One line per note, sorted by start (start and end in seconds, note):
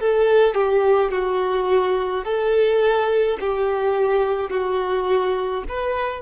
0.00 0.55 A4
0.55 1.11 G4
1.11 2.24 F#4
2.25 3.38 A4
3.40 4.50 G4
4.50 5.63 F#4
5.69 6.22 B4